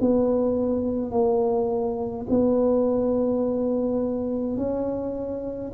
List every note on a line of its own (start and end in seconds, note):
0.00 1.11 B3
1.11 2.27 A#3
2.30 4.57 B3
4.57 5.72 C#4